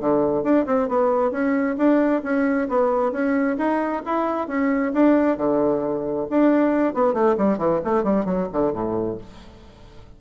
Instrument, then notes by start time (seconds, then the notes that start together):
bassoon
0.00 D3
0.43 D4
0.66 C4
0.89 B3
1.31 C#4
1.77 D4
2.23 C#4
2.69 B3
3.12 C#4
3.58 D#4
4.06 E4
4.48 C#4
4.93 D4
5.38 D3
6.30 D4
6.94 B3
7.14 A3
7.38 G3
7.58 E3
7.85 A3
8.04 G3
8.25 F#3
8.52 D3
8.73 A2